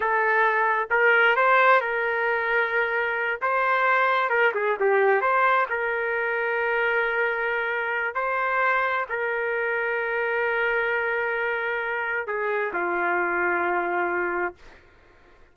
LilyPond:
\new Staff \with { instrumentName = "trumpet" } { \time 4/4 \tempo 4 = 132 a'2 ais'4 c''4 | ais'2.~ ais'8 c''8~ | c''4. ais'8 gis'8 g'4 c''8~ | c''8 ais'2.~ ais'8~ |
ais'2 c''2 | ais'1~ | ais'2. gis'4 | f'1 | }